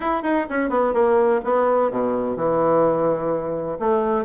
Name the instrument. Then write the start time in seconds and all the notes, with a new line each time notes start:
bassoon
0.00 E4
0.22 D#4
0.49 C#4
0.69 B3
0.93 A#3
1.44 B3
1.90 B2
2.36 E3
3.79 A3